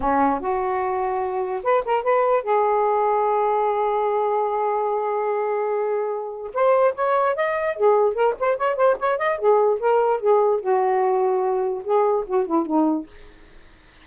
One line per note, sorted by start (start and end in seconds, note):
0.00 0.40 C#4
0.40 1.62 F#4
1.63 1.83 B4
1.85 2.03 A#4
2.03 2.43 B4
2.43 6.51 G#4
6.53 6.94 C5
6.94 7.35 C#5
7.35 7.76 D#5
7.76 8.14 G#4
8.14 8.34 A#4
8.39 8.57 C5
8.57 8.76 C#5
8.76 8.96 C5
8.99 9.18 C#5
9.18 9.38 D#5
9.38 9.79 G#4
9.79 10.20 A#4
10.20 10.60 G#4
10.60 11.83 F#4
11.83 12.24 G#4
12.26 12.46 F#4
12.46 12.65 E4
12.65 13.06 D#4